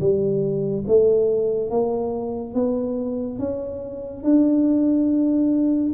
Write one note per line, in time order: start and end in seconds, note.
0.00 0.85 G3
0.87 1.70 A3
1.70 2.54 A#3
2.54 3.38 B3
3.38 4.23 C#4
4.23 5.92 D4